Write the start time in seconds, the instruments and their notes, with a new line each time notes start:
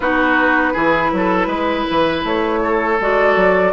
0.00 bassoon B3, clarinet D#4, oboe F#4, flute B4
0.73 bassoon E3, clarinet E4, oboe G#4
1.12 bassoon F#3, oboe A4
1.46 bassoon G#3, oboe B4
1.90 bassoon E3
2.24 bassoon A3, flute C#5
2.63 oboe A4
3.00 bassoon G#3, clarinet F#4, flute D5
3.35 bassoon F#3